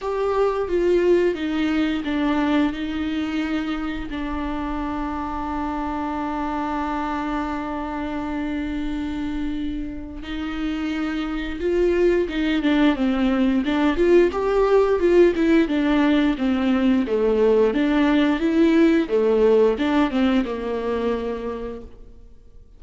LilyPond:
\new Staff \with { instrumentName = "viola" } { \time 4/4 \tempo 4 = 88 g'4 f'4 dis'4 d'4 | dis'2 d'2~ | d'1~ | d'2. dis'4~ |
dis'4 f'4 dis'8 d'8 c'4 | d'8 f'8 g'4 f'8 e'8 d'4 | c'4 a4 d'4 e'4 | a4 d'8 c'8 ais2 | }